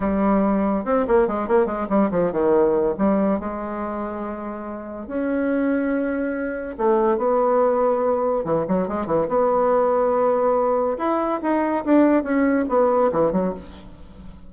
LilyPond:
\new Staff \with { instrumentName = "bassoon" } { \time 4/4 \tempo 4 = 142 g2 c'8 ais8 gis8 ais8 | gis8 g8 f8 dis4. g4 | gis1 | cis'1 |
a4 b2. | e8 fis8 gis8 e8 b2~ | b2 e'4 dis'4 | d'4 cis'4 b4 e8 fis8 | }